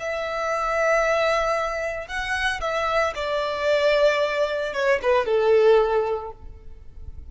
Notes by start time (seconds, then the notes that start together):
0.00 E5
2.08 F#5
2.61 E5
3.15 D5
4.74 C#5
5.03 B4
5.26 A4